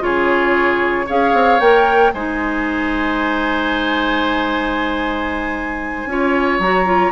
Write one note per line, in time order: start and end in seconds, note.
0.00 1.07 C#3
0.00 1.05 F4
0.00 1.06 G#4
0.00 1.08 C#5
1.06 1.33 C#4
1.06 1.60 G#4
1.06 2.12 C#5
1.06 1.60 F5
1.33 1.60 C4
1.60 2.12 A#3
1.60 2.13 A#4
1.60 2.12 G5
2.13 6.05 G#3
2.13 6.09 D#4
2.13 6.09 C5
2.13 6.60 G#5
6.05 6.58 C#4
6.05 6.62 F4
6.05 7.12 C#5
6.59 7.11 F#3
6.59 6.85 F#4
6.59 7.12 A#5
6.85 7.12 F4